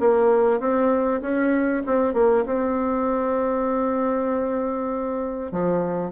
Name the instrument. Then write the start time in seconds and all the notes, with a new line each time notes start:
bassoon
0.00 A#3
0.60 C4
1.21 C#4
1.86 C4
2.14 A#3
2.46 C4
5.52 F3